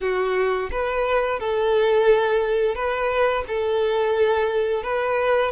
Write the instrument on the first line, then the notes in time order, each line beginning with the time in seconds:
violin
0.01 F#4
0.71 B4
1.39 A4
2.75 B4
3.47 A4
4.83 B4